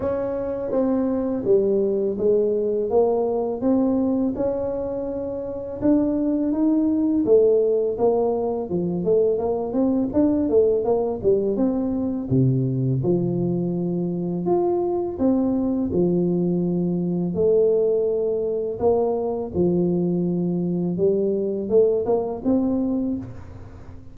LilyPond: \new Staff \with { instrumentName = "tuba" } { \time 4/4 \tempo 4 = 83 cis'4 c'4 g4 gis4 | ais4 c'4 cis'2 | d'4 dis'4 a4 ais4 | f8 a8 ais8 c'8 d'8 a8 ais8 g8 |
c'4 c4 f2 | f'4 c'4 f2 | a2 ais4 f4~ | f4 g4 a8 ais8 c'4 | }